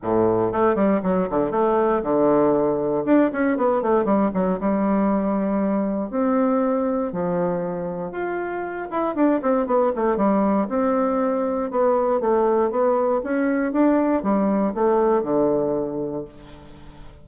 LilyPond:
\new Staff \with { instrumentName = "bassoon" } { \time 4/4 \tempo 4 = 118 a,4 a8 g8 fis8 d8 a4 | d2 d'8 cis'8 b8 a8 | g8 fis8 g2. | c'2 f2 |
f'4. e'8 d'8 c'8 b8 a8 | g4 c'2 b4 | a4 b4 cis'4 d'4 | g4 a4 d2 | }